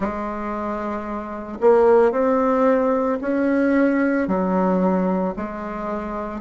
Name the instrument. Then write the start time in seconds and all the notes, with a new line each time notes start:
bassoon
0.00 G#3
1.61 A#3
2.11 C4
3.21 C#4
4.27 F#3
5.36 G#3